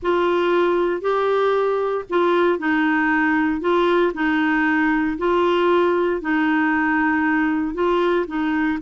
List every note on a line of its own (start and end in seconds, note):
0.02 1.01 F4
1.01 2.04 G4
2.09 2.58 F4
2.58 3.60 D#4
3.60 4.12 F4
4.14 5.17 D#4
5.18 6.21 F4
6.21 7.74 D#4
7.74 8.25 F4
8.27 8.78 D#4